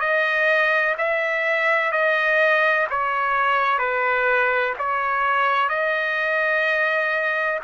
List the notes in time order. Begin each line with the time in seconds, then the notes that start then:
0.00 D#5
0.98 E5
1.92 D#5
2.90 C#5
3.79 B4
4.79 C#5
5.69 D#5